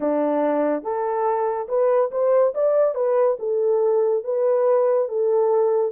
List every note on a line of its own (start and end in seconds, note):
0.00 0.83 D4
0.83 1.67 A4
1.68 2.10 B4
2.11 2.53 C5
2.54 2.95 D5
2.95 3.37 B4
3.39 4.23 A4
4.24 5.08 B4
5.08 5.91 A4